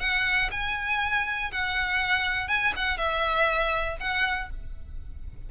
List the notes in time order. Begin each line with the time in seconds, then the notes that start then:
0.00 F#5
0.51 G#5
1.52 F#5
2.48 G#5
2.76 F#5
2.98 E5
4.00 F#5